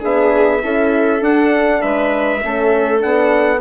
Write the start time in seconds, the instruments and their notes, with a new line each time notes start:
0.00 bassoon B3, horn D4, viola G#4, trumpet E5
0.60 bassoon C#4, horn E4, viola A4
1.21 bassoon D4, horn D4, trumpet F#5
1.82 bassoon G#3, viola B4, trumpet E5
2.42 bassoon A3, horn C#4, viola A4
2.99 bassoon B3, horn D4, trumpet F#5